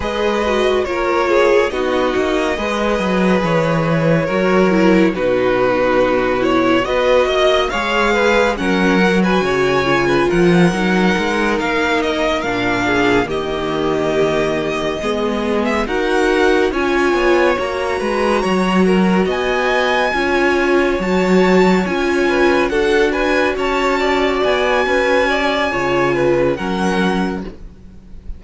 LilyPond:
<<
  \new Staff \with { instrumentName = "violin" } { \time 4/4 \tempo 4 = 70 dis''4 cis''4 dis''2 | cis''2 b'4. cis''8 | dis''4 f''4 fis''8. gis''4~ gis''16 | fis''4. f''8 dis''8 f''4 dis''8~ |
dis''2~ dis''16 e''16 fis''4 gis''8~ | gis''8 ais''2 gis''4.~ | gis''8 a''4 gis''4 fis''8 gis''8 a''8~ | a''8 gis''2~ gis''8 fis''4 | }
  \new Staff \with { instrumentName = "violin" } { \time 4/4 b'4 ais'8 gis'8 fis'4 b'4~ | b'4 ais'4 fis'2 | b'8 dis''8 cis''8 b'8 ais'8. b'16 cis''8. b'16 | ais'2. gis'8 g'8~ |
g'4. gis'4 ais'4 cis''8~ | cis''4 b'8 cis''8 ais'8 dis''4 cis''8~ | cis''2 b'8 a'8 b'8 cis''8 | d''4 b'8 d''8 cis''8 b'8 ais'4 | }
  \new Staff \with { instrumentName = "viola" } { \time 4/4 gis'8 fis'8 f'4 dis'4 gis'4~ | gis'4 fis'8 e'8 dis'4. e'8 | fis'4 gis'4 cis'8 fis'4 f'8~ | f'8 dis'2 d'4 ais8~ |
ais4. b4 fis'4 f'8~ | f'8 fis'2. f'8~ | f'8 fis'4 f'4 fis'4.~ | fis'2 f'4 cis'4 | }
  \new Staff \with { instrumentName = "cello" } { \time 4/4 gis4 ais4 b8 ais8 gis8 fis8 | e4 fis4 b,2 | b8 ais8 gis4 fis4 cis4 | f8 fis8 gis8 ais4 ais,4 dis8~ |
dis4. gis4 dis'4 cis'8 | b8 ais8 gis8 fis4 b4 cis'8~ | cis'8 fis4 cis'4 d'4 cis'8~ | cis'8 b8 cis'4 cis4 fis4 | }
>>